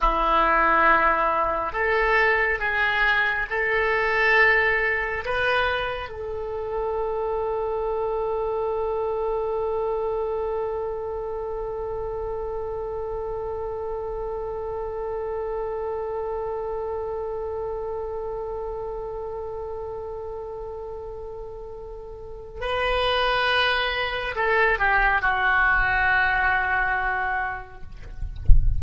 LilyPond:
\new Staff \with { instrumentName = "oboe" } { \time 4/4 \tempo 4 = 69 e'2 a'4 gis'4 | a'2 b'4 a'4~ | a'1~ | a'1~ |
a'1~ | a'1~ | a'2 b'2 | a'8 g'8 fis'2. | }